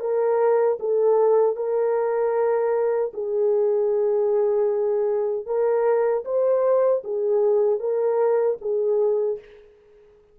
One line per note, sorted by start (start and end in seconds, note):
0.00 0.78 A#4
0.79 1.56 A4
1.56 3.12 A#4
3.13 5.46 G#4
5.46 6.24 A#4
6.25 7.03 C5
7.04 7.80 G#4
7.80 8.57 A#4
8.61 9.39 G#4